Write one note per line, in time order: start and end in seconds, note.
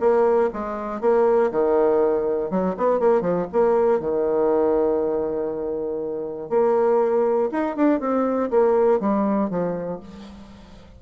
0.00 0.50 A#3
0.53 1.01 G#3
1.01 1.51 A#3
1.51 2.50 D#3
2.50 2.75 F#3
2.77 3.00 B3
3.00 3.21 A#3
3.21 3.46 F3
3.53 4.00 A#3
4.00 6.50 D#3
6.50 7.50 A#3
7.52 7.76 D#4
7.76 8.00 D4
8.00 8.50 C4
8.50 9.00 A#3
9.00 9.50 G3
9.50 10.00 F3